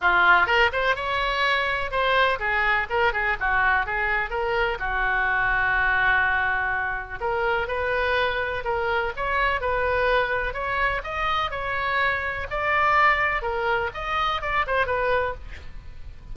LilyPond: \new Staff \with { instrumentName = "oboe" } { \time 4/4 \tempo 4 = 125 f'4 ais'8 c''8 cis''2 | c''4 gis'4 ais'8 gis'8 fis'4 | gis'4 ais'4 fis'2~ | fis'2. ais'4 |
b'2 ais'4 cis''4 | b'2 cis''4 dis''4 | cis''2 d''2 | ais'4 dis''4 d''8 c''8 b'4 | }